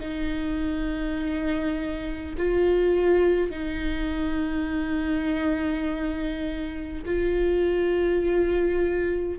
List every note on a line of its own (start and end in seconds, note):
0.00 2.35 D#4
2.37 3.50 F4
3.50 7.03 D#4
7.05 9.39 F4